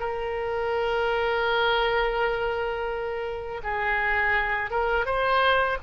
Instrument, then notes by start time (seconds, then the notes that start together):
oboe
0.00 A#4
3.64 G#4
4.71 A#4
5.06 C5